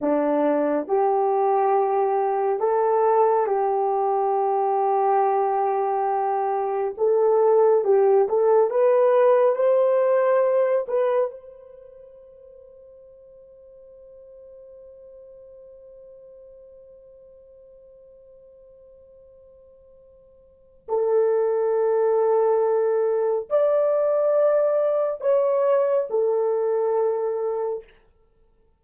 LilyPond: \new Staff \with { instrumentName = "horn" } { \time 4/4 \tempo 4 = 69 d'4 g'2 a'4 | g'1 | a'4 g'8 a'8 b'4 c''4~ | c''8 b'8 c''2.~ |
c''1~ | c''1 | a'2. d''4~ | d''4 cis''4 a'2 | }